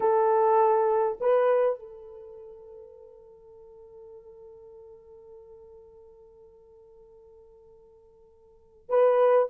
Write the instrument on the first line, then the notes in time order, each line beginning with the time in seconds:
horn
0.00 A4
1.20 B4
1.79 A4
8.89 B4